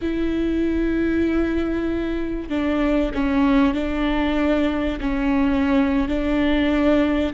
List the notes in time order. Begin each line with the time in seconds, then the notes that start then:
0.01 E4
2.49 D4
3.14 C#4
3.74 D4
5.00 C#4
6.08 D4